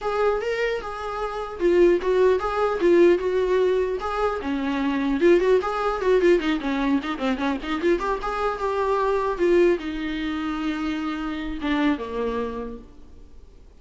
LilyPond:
\new Staff \with { instrumentName = "viola" } { \time 4/4 \tempo 4 = 150 gis'4 ais'4 gis'2 | f'4 fis'4 gis'4 f'4 | fis'2 gis'4 cis'4~ | cis'4 f'8 fis'8 gis'4 fis'8 f'8 |
dis'8 cis'4 dis'8 c'8 cis'8 dis'8 f'8 | g'8 gis'4 g'2 f'8~ | f'8 dis'2.~ dis'8~ | dis'4 d'4 ais2 | }